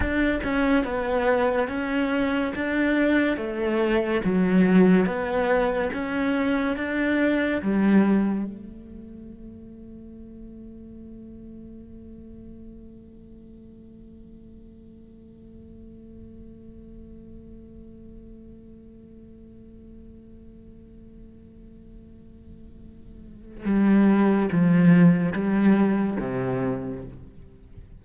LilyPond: \new Staff \with { instrumentName = "cello" } { \time 4/4 \tempo 4 = 71 d'8 cis'8 b4 cis'4 d'4 | a4 fis4 b4 cis'4 | d'4 g4 a2~ | a1~ |
a1~ | a1~ | a1 | g4 f4 g4 c4 | }